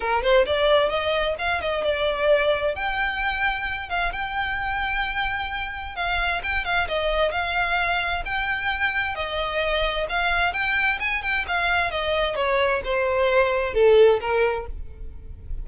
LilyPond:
\new Staff \with { instrumentName = "violin" } { \time 4/4 \tempo 4 = 131 ais'8 c''8 d''4 dis''4 f''8 dis''8 | d''2 g''2~ | g''8 f''8 g''2.~ | g''4 f''4 g''8 f''8 dis''4 |
f''2 g''2 | dis''2 f''4 g''4 | gis''8 g''8 f''4 dis''4 cis''4 | c''2 a'4 ais'4 | }